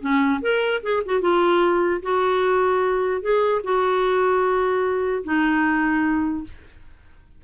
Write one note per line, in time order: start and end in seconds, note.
0.00 0.40 C#4
0.41 0.81 A#4
0.82 1.02 G#4
1.05 1.21 F#4
1.21 2.01 F4
2.02 3.21 F#4
3.21 3.61 G#4
3.63 5.23 F#4
5.24 6.44 D#4